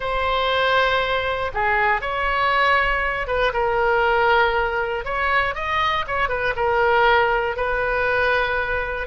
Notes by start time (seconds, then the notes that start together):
0.00 C5
1.54 G#4
2.01 C#5
3.27 B4
3.53 A#4
5.04 C#5
5.55 D#5
6.07 C#5
6.28 B4
6.55 A#4
7.56 B4